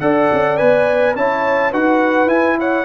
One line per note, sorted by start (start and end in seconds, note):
0.00 0.30 D4
0.00 0.58 A4
0.00 1.16 D5
0.00 0.57 F#5
0.33 0.61 C#4
0.57 1.16 B3
0.57 1.15 B4
0.57 1.15 G#5
1.16 1.73 C#4
1.16 1.73 E4
1.16 1.71 C#5
1.16 1.73 A5
1.71 2.27 D#4
1.71 2.28 F#4
1.71 2.57 B4
1.71 2.29 F#5
2.27 2.84 E4
2.27 2.85 E4
2.27 2.58 G#5
2.59 2.85 C#5
2.59 2.85 F#5